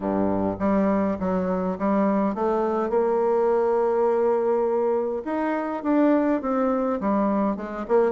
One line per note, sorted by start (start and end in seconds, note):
0.00 0.56 G2
0.59 1.17 G3
1.19 1.77 F#3
1.78 2.35 G3
2.35 2.89 A3
2.89 5.22 A#3
5.24 5.83 D#4
5.83 6.41 D4
6.41 7.00 C4
7.00 7.56 G3
7.56 7.85 G#3
7.87 8.12 A#3